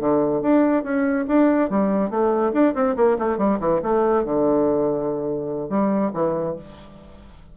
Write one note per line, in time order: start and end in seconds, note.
0.00 0.42 D3
0.42 0.84 D4
0.84 1.26 C#4
1.28 1.70 D4
1.70 2.10 G3
2.10 2.53 A3
2.54 2.74 D4
2.75 2.96 C4
2.97 3.18 A#3
3.19 3.38 A3
3.38 3.60 G3
3.60 3.81 E3
3.83 4.25 A3
4.25 5.70 D3
5.70 6.12 G3
6.14 6.56 E3